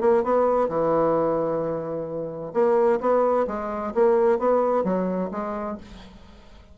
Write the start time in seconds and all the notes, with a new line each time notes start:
0.00 A#3
0.23 B3
0.68 E3
2.53 A#3
3.00 B3
3.47 G#3
3.94 A#3
4.38 B3
4.84 F#3
5.31 G#3